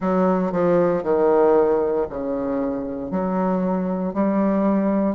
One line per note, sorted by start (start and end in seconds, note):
0.00 0.52 F#3
0.52 1.03 F3
1.03 2.06 D#3
2.09 3.10 C#3
3.10 4.13 F#3
4.13 5.15 G3